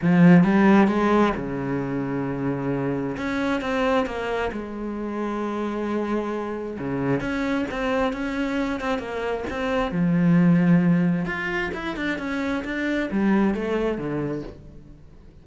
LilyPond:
\new Staff \with { instrumentName = "cello" } { \time 4/4 \tempo 4 = 133 f4 g4 gis4 cis4~ | cis2. cis'4 | c'4 ais4 gis2~ | gis2. cis4 |
cis'4 c'4 cis'4. c'8 | ais4 c'4 f2~ | f4 f'4 e'8 d'8 cis'4 | d'4 g4 a4 d4 | }